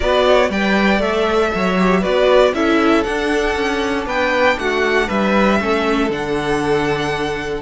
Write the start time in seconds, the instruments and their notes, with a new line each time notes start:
0.00 cello B3, viola F#4, violin B4 D5
0.26 violin C#5
0.49 cello G3, viola B4, violin D5 G5
0.99 cello A3, viola A4, violin E5
1.54 cello F#3, violin C#5
1.78 viola G4
2.00 viola F#4, violin B4 D5
2.06 cello B3
2.53 cello C#4, viola E4, violin A4 E5
3.03 viola D4, cello D4, violin F#5
3.55 cello C#4
4.06 cello B3, violin B4 G5
4.58 cello A3, violin F#4 F#5
5.07 cello G3, violin B4 E5
5.59 cello A3, viola C#4, violin A4
6.09 cello D3, viola D4, violin F#5